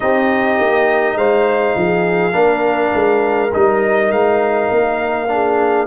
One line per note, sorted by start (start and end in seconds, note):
0.00 0.59 C4
0.00 2.32 D#4
0.00 1.17 G4
0.00 1.17 D#5
0.59 1.16 A#3
1.16 1.75 G#3
1.16 1.76 C5
1.16 3.52 F5
1.75 2.33 F3
1.75 2.33 G#4
2.32 2.92 A#3
2.32 3.49 D4
2.32 5.27 A#4
2.94 3.52 G#3
3.53 4.11 G3
3.53 5.28 D#4
3.53 4.11 D#5
4.11 4.70 G#3
4.11 5.86 F5
4.71 5.86 A#3
5.28 5.86 D4
5.28 5.86 G#4